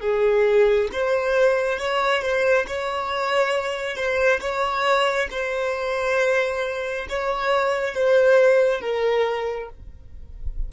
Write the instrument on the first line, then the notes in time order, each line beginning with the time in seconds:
violin
0.00 G#4
0.92 C5
1.78 C#5
2.22 C5
2.67 C#5
3.96 C5
4.40 C#5
5.31 C5
7.09 C#5
7.95 C5
8.81 A#4